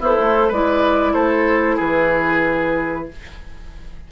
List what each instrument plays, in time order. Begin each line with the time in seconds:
0.00 bassoon B3, oboe E4, clarinet A4, flute C5
0.20 bassoon A3
0.48 bassoon G#3, clarinet E4, oboe B4, flute D5
1.13 bassoon A3, oboe A4, flute C5
1.76 bassoon E3, oboe G#4, flute B4